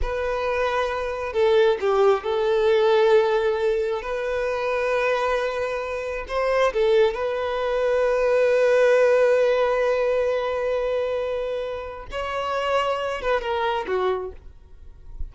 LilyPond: \new Staff \with { instrumentName = "violin" } { \time 4/4 \tempo 4 = 134 b'2. a'4 | g'4 a'2.~ | a'4 b'2.~ | b'2 c''4 a'4 |
b'1~ | b'1~ | b'2. cis''4~ | cis''4. b'8 ais'4 fis'4 | }